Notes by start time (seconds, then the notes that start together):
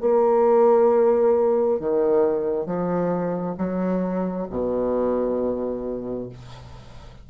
0.00 A#3
1.80 D#3
2.65 F3
3.57 F#3
4.49 B2